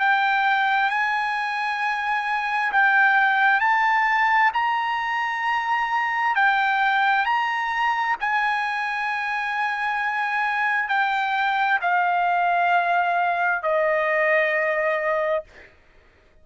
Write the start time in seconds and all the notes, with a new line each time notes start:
0.00 G5
0.90 G#5
2.72 G5
3.60 A5
4.54 A#5
6.36 G5
7.26 A#5
8.20 G#5
10.89 G5
11.81 F5
13.63 D#5